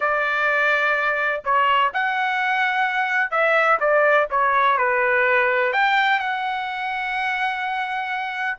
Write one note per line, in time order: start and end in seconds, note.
0.00 1.42 D5
1.44 1.92 C#5
1.93 3.30 F#5
3.30 3.78 E5
3.80 4.27 D5
4.30 4.77 C#5
4.77 5.72 B4
5.72 6.19 G5
6.19 8.57 F#5